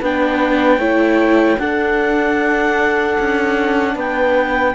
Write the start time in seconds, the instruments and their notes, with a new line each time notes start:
0.00 cello B3, viola D4, horn B4, clarinet G5
0.78 cello A3, viola E4, horn C#5
1.59 cello D4, viola D4, horn A4, clarinet F#5
3.20 cello C#4
3.95 cello B3, horn B4, clarinet G5